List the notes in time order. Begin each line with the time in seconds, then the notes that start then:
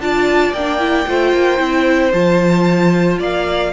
0.00 D4 F4 D5 A5
0.52 A#3 D4 G5
0.79 E4
1.07 A3 F4 C5
1.32 A#3
1.57 C4 E4
2.12 F3 F4 A5
3.19 A#3 D5 F5